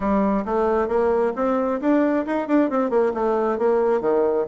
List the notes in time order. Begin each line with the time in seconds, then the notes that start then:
0.00 G3
0.45 A3
0.88 A#3
1.35 C4
1.81 D4
2.26 D#4
2.47 D4
2.70 C4
2.90 A#3
3.14 A3
3.58 A#3
4.01 D#3